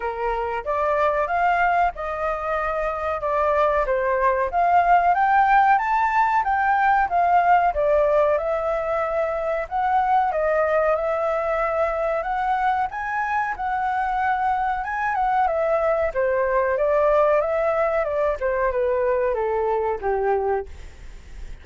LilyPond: \new Staff \with { instrumentName = "flute" } { \time 4/4 \tempo 4 = 93 ais'4 d''4 f''4 dis''4~ | dis''4 d''4 c''4 f''4 | g''4 a''4 g''4 f''4 | d''4 e''2 fis''4 |
dis''4 e''2 fis''4 | gis''4 fis''2 gis''8 fis''8 | e''4 c''4 d''4 e''4 | d''8 c''8 b'4 a'4 g'4 | }